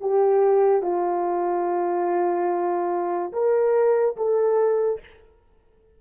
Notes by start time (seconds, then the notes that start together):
0.00 G4
0.82 F4
3.32 A#4
4.16 A4